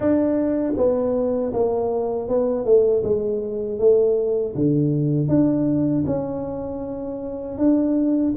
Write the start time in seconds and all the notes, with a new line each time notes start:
0.00 D4
0.76 B3
1.53 A#3
2.28 B3
2.65 A3
3.03 G#3
3.78 A3
4.55 D3
5.28 D4
6.06 C#4
7.58 D4